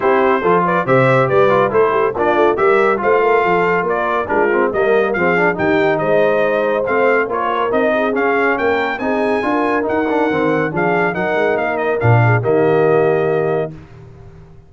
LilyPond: <<
  \new Staff \with { instrumentName = "trumpet" } { \time 4/4 \tempo 4 = 140 c''4. d''8 e''4 d''4 | c''4 d''4 e''4 f''4~ | f''4 d''4 ais'4 dis''4 | f''4 g''4 dis''2 |
f''4 cis''4 dis''4 f''4 | g''4 gis''2 fis''4~ | fis''4 f''4 fis''4 f''8 dis''8 | f''4 dis''2. | }
  \new Staff \with { instrumentName = "horn" } { \time 4/4 g'4 a'8 b'8 c''4 b'4 | a'8 g'8 f'4 ais'4 c''8 ais'8 | a'4 ais'4 f'4 ais'4 | gis'4 g'4 c''2~ |
c''4 ais'4. gis'4. | ais'4 gis'4 ais'2~ | ais'4 gis'4 ais'2~ | ais'8 gis'8 g'2. | }
  \new Staff \with { instrumentName = "trombone" } { \time 4/4 e'4 f'4 g'4. f'8 | e'4 d'4 g'4 f'4~ | f'2 d'8 c'8 ais4 | c'8 d'8 dis'2. |
c'4 f'4 dis'4 cis'4~ | cis'4 dis'4 f'4 dis'8 d'8 | c'4 d'4 dis'2 | d'4 ais2. | }
  \new Staff \with { instrumentName = "tuba" } { \time 4/4 c'4 f4 c4 g4 | a4 ais8 a8 g4 a4 | f4 ais4 gis4 g4 | f4 dis4 gis2 |
a4 ais4 c'4 cis'4 | ais4 c'4 d'4 dis'4 | dis4 f4 fis8 gis8 ais4 | ais,4 dis2. | }
>>